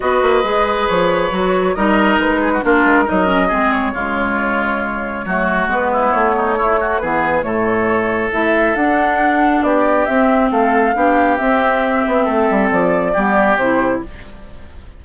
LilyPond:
<<
  \new Staff \with { instrumentName = "flute" } { \time 4/4 \tempo 4 = 137 dis''2 cis''2 | dis''4 b'4 ais'4 dis''4~ | dis''8 cis''2.~ cis''8~ | cis''4 b'4 cis''2 |
b'4 cis''2 e''4 | fis''2 d''4 e''4 | f''2 e''2~ | e''4 d''2 c''4 | }
  \new Staff \with { instrumentName = "oboe" } { \time 4/4 b'1 | ais'4. gis'16 fis'16 f'4 ais'4 | gis'4 f'2. | fis'4. e'4 dis'8 e'8 fis'8 |
gis'4 a'2.~ | a'2 g'2 | a'4 g'2. | a'2 g'2 | }
  \new Staff \with { instrumentName = "clarinet" } { \time 4/4 fis'4 gis'2 fis'4 | dis'2 d'4 dis'8 cis'8 | c'4 gis2. | a4 b2 a4 |
b4 a2 e'4 | d'2. c'4~ | c'4 d'4 c'2~ | c'2 b4 e'4 | }
  \new Staff \with { instrumentName = "bassoon" } { \time 4/4 b8 ais8 gis4 f4 fis4 | g4 gis4 ais8 gis8 fis4 | gis4 cis2. | fis4 gis4 a2 |
e4 a,2 a4 | d'2 b4 c'4 | a4 b4 c'4. b8 | a8 g8 f4 g4 c4 | }
>>